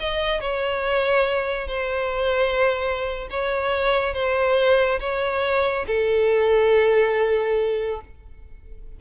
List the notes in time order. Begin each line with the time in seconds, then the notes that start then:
0.00 D#5
0.41 C#5
1.68 C5
3.30 C#5
4.14 C5
5.00 C#5
5.87 A4